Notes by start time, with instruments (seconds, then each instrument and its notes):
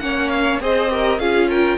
0.00 cello A#3, viola C#4, violin C#5 F#5
0.29 violin F5
0.60 cello C4, viola G#4, violin C5 D#5
0.90 viola G4, violin A#4
1.19 cello C#4, viola F4, violin G#4 F5
1.49 violin A#4 G5